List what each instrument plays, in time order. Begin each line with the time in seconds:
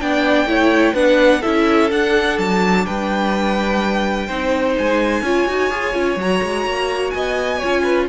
0.00 cello B3, viola D4, violin D5 G5
0.45 cello A3, viola E4, violin C#5
0.94 cello B3, viola D4, violin B4 F#5
1.41 cello C#4, viola E4, violin A4 E5
1.90 viola D4, cello D4, violin F#5
2.38 cello F#3, violin A5
2.86 cello G3, violin B4 G5
4.27 cello C4, viola D#4, violin C5
4.78 cello G#3, violin G#5
5.22 cello C#4, viola F4, violin C#5
5.47 cello D#4, viola F#4
5.70 cello F4, viola G#4
5.93 cello C#4, viola F4
6.16 cello F#3, viola F#4, violin A#5
6.43 cello G#3
6.66 cello A#3
7.10 cello B3, violin D#5 G#5
7.58 viola F4, violin C#5
7.64 cello C#4
7.83 violin B4